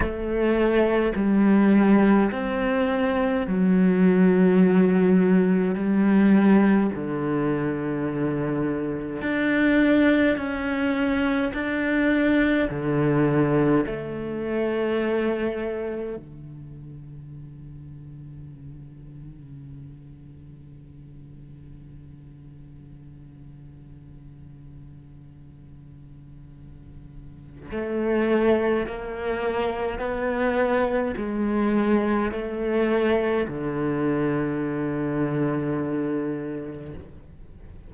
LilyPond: \new Staff \with { instrumentName = "cello" } { \time 4/4 \tempo 4 = 52 a4 g4 c'4 fis4~ | fis4 g4 d2 | d'4 cis'4 d'4 d4 | a2 d2~ |
d1~ | d1 | a4 ais4 b4 gis4 | a4 d2. | }